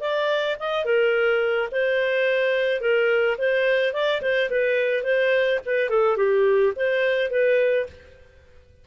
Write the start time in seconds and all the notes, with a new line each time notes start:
0.00 D5
0.59 D#5
0.85 A#4
1.71 C5
2.81 A#4
3.38 C5
3.93 D5
4.21 C5
4.50 B4
5.03 C5
5.66 B4
5.90 A4
6.17 G4
6.76 C5
7.30 B4